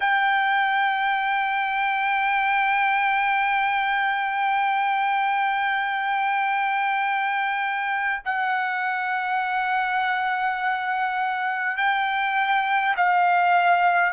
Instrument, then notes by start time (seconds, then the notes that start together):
trumpet
0.00 G5
8.24 F#5
11.77 G5
12.96 F5